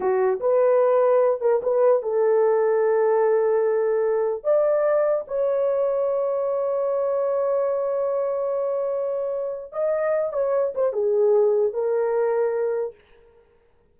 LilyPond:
\new Staff \with { instrumentName = "horn" } { \time 4/4 \tempo 4 = 148 fis'4 b'2~ b'8 ais'8 | b'4 a'2.~ | a'2. d''4~ | d''4 cis''2.~ |
cis''1~ | cis''1 | dis''4. cis''4 c''8 gis'4~ | gis'4 ais'2. | }